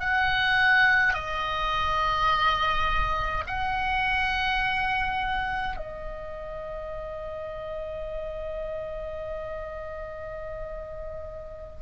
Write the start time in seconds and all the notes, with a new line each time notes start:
0.00 F#5
1.14 D#5
3.47 F#5
5.77 D#5